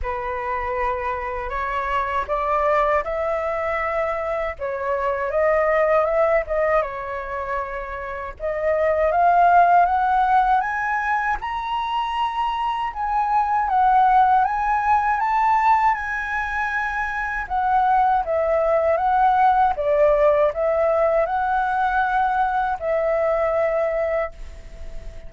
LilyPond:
\new Staff \with { instrumentName = "flute" } { \time 4/4 \tempo 4 = 79 b'2 cis''4 d''4 | e''2 cis''4 dis''4 | e''8 dis''8 cis''2 dis''4 | f''4 fis''4 gis''4 ais''4~ |
ais''4 gis''4 fis''4 gis''4 | a''4 gis''2 fis''4 | e''4 fis''4 d''4 e''4 | fis''2 e''2 | }